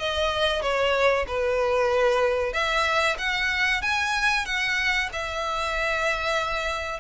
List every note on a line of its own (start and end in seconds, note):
0.00 0.62 D#5
0.62 1.26 C#5
1.28 2.53 B4
2.53 3.17 E5
3.19 3.82 F#5
3.82 4.46 G#5
4.46 5.10 F#5
5.13 7.00 E5